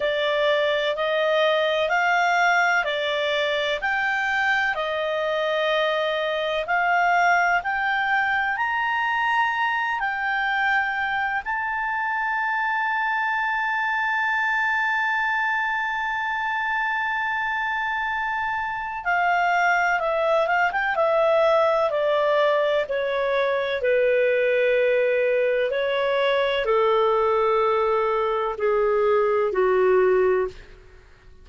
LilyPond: \new Staff \with { instrumentName = "clarinet" } { \time 4/4 \tempo 4 = 63 d''4 dis''4 f''4 d''4 | g''4 dis''2 f''4 | g''4 ais''4. g''4. | a''1~ |
a''1 | f''4 e''8 f''16 g''16 e''4 d''4 | cis''4 b'2 cis''4 | a'2 gis'4 fis'4 | }